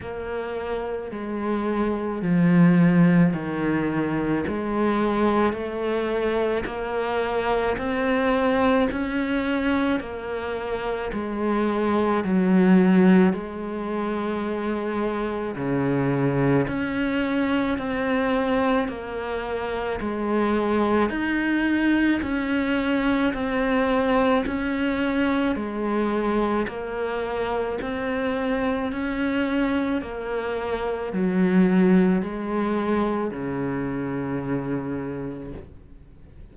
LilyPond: \new Staff \with { instrumentName = "cello" } { \time 4/4 \tempo 4 = 54 ais4 gis4 f4 dis4 | gis4 a4 ais4 c'4 | cis'4 ais4 gis4 fis4 | gis2 cis4 cis'4 |
c'4 ais4 gis4 dis'4 | cis'4 c'4 cis'4 gis4 | ais4 c'4 cis'4 ais4 | fis4 gis4 cis2 | }